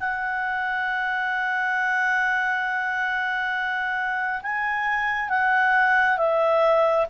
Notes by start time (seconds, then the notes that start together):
0.00 F#5
4.42 G#5
5.29 F#5
6.18 E5